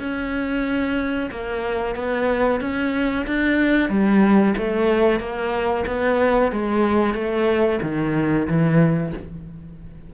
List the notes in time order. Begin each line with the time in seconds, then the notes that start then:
0.00 C#4
1.31 A#3
1.96 B3
2.61 C#4
3.27 D4
3.90 G3
4.58 A3
5.20 A#3
5.87 B3
6.52 G#3
7.15 A3
7.82 D#3
8.48 E3